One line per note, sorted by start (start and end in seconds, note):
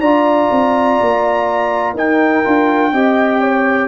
0.00 0.48 D4
0.00 1.96 F4
0.00 1.94 D5
0.00 1.94 A#5
0.51 0.99 C4
1.00 1.93 A#3
1.93 2.42 D#4
1.93 2.44 D#4
1.93 2.90 A#4
1.93 3.87 G5
2.44 2.92 D4
2.44 2.92 F4
2.92 3.87 C4
2.92 3.87 G4
2.92 3.40 D#5
3.40 3.87 C#5